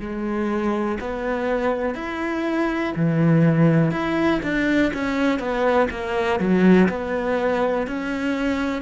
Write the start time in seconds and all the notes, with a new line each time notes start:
0.00 G#3
1.00 B3
1.95 E4
2.96 E3
3.91 E4
4.43 D4
4.94 C#4
5.39 B3
5.91 A#3
6.39 F#3
6.89 B3
7.87 C#4